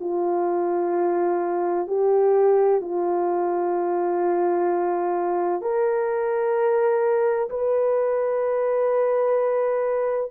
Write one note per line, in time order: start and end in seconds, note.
0.00 1.87 F4
1.87 2.81 G4
2.81 5.61 F4
5.61 7.49 A#4
7.50 10.31 B4